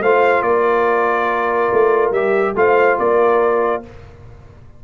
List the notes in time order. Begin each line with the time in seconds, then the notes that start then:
0.00 A3 F4 C5 F5
0.42 A#3 A#4 D5
1.72 A3
2.11 G3 G4 E5
2.55 A3 F4 C5 F5
2.98 A#3 A#4 D5